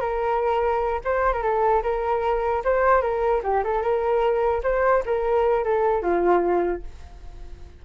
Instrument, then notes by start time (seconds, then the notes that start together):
flute
0.00 A#4
1.04 C5
1.32 A#4
1.42 A4
1.83 A#4
2.64 C5
3.01 A#4
3.43 G4
3.63 A4
3.82 A#4
4.63 C5
5.05 A#4
5.63 A4
6.02 F4